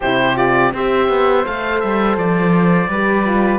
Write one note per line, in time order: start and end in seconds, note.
0.00 0.72 C3
0.00 0.36 E4
0.00 0.72 G4
0.00 0.37 C5
0.36 0.72 F4
0.36 0.73 D5
0.72 1.08 C4
0.72 1.45 G4
0.72 2.89 C5
0.72 1.46 E5
1.08 1.45 B3
1.45 1.83 A3
1.45 2.90 A4
1.45 1.80 F5
1.80 2.17 G3
1.80 2.16 E5
2.17 2.88 F3
2.17 3.59 D5
2.88 3.59 G3
2.88 3.25 G4
2.88 3.59 B4
3.25 3.59 F4